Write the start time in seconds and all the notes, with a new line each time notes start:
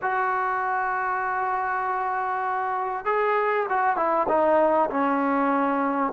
0.02 F#4
3.05 G#4
3.69 F#4
3.96 E4
4.28 D#4
4.90 C#4